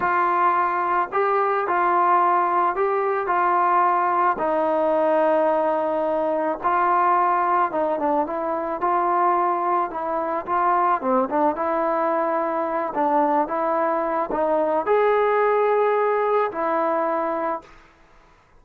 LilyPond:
\new Staff \with { instrumentName = "trombone" } { \time 4/4 \tempo 4 = 109 f'2 g'4 f'4~ | f'4 g'4 f'2 | dis'1 | f'2 dis'8 d'8 e'4 |
f'2 e'4 f'4 | c'8 d'8 e'2~ e'8 d'8~ | d'8 e'4. dis'4 gis'4~ | gis'2 e'2 | }